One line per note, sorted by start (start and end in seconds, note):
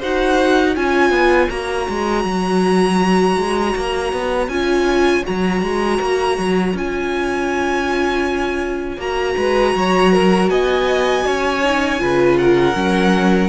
0.00 0.77 D#4
0.00 0.76 F#4
0.00 0.73 C5
0.00 0.76 F#5
0.73 1.10 C#4
0.73 1.50 F4
0.73 9.36 C#5
0.73 1.50 G#5
1.10 1.48 B3
1.50 1.88 A#3
1.50 4.50 F#4
1.50 4.49 A#5
1.89 2.24 G#3
2.24 3.37 F#3
3.38 3.75 G#3
3.76 4.13 A#3
4.13 4.48 B3
4.48 5.23 C#4
4.48 5.24 F4
4.48 5.24 G#5
5.24 5.62 F#3
5.24 6.74 F#4
5.24 6.77 A#5
5.62 5.99 G#3
6.01 6.38 A#3
6.38 6.74 F#3
6.74 8.97 C#4
6.74 8.98 F4
6.74 9.01 G#5
8.97 9.35 A#3
8.97 11.61 F#4
8.97 10.50 A#5
9.37 9.75 G#3
9.37 9.75 B4
9.75 10.50 F#3
9.75 10.13 C#5
10.13 10.50 A#4
10.50 11.25 B3
10.50 11.26 D#5
10.50 12.37 G#5
11.26 12.02 C#4
11.26 12.01 C#5
11.64 11.99 D#4
11.99 12.75 C#3
11.99 12.74 F4
11.99 12.40 B4
12.38 13.49 A#4
12.38 13.49 F#5
12.74 13.49 F#3
12.74 13.49 C#4